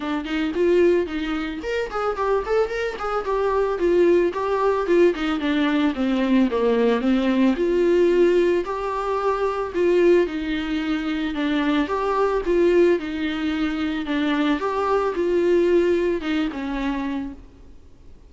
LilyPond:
\new Staff \with { instrumentName = "viola" } { \time 4/4 \tempo 4 = 111 d'8 dis'8 f'4 dis'4 ais'8 gis'8 | g'8 a'8 ais'8 gis'8 g'4 f'4 | g'4 f'8 dis'8 d'4 c'4 | ais4 c'4 f'2 |
g'2 f'4 dis'4~ | dis'4 d'4 g'4 f'4 | dis'2 d'4 g'4 | f'2 dis'8 cis'4. | }